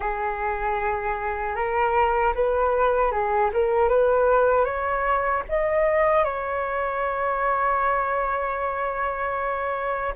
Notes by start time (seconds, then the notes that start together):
0.00 G#4
1.55 A#4
2.34 B4
3.11 G#4
3.53 A#4
3.89 B4
4.64 C#5
5.48 D#5
6.24 C#5